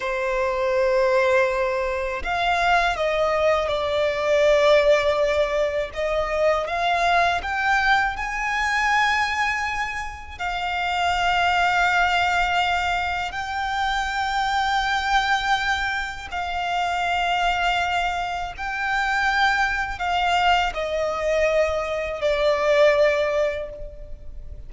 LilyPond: \new Staff \with { instrumentName = "violin" } { \time 4/4 \tempo 4 = 81 c''2. f''4 | dis''4 d''2. | dis''4 f''4 g''4 gis''4~ | gis''2 f''2~ |
f''2 g''2~ | g''2 f''2~ | f''4 g''2 f''4 | dis''2 d''2 | }